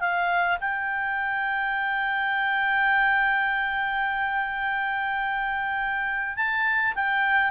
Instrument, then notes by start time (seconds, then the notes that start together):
clarinet
0.00 F5
0.60 G5
6.36 A5
6.95 G5